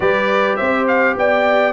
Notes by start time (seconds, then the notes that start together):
0.00 G3 G4 B4 D5
0.56 C4 C5 E5
0.87 F5
1.16 B3 D5 G5